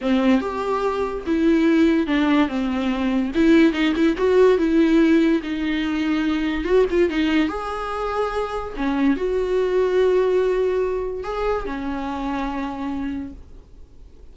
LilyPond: \new Staff \with { instrumentName = "viola" } { \time 4/4 \tempo 4 = 144 c'4 g'2 e'4~ | e'4 d'4 c'2 | e'4 dis'8 e'8 fis'4 e'4~ | e'4 dis'2. |
fis'8 f'8 dis'4 gis'2~ | gis'4 cis'4 fis'2~ | fis'2. gis'4 | cis'1 | }